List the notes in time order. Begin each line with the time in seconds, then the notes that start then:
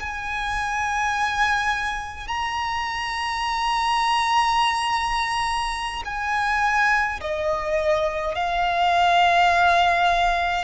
0.00 G#5
2.28 A#5
6.05 G#5
7.21 D#5
8.35 F5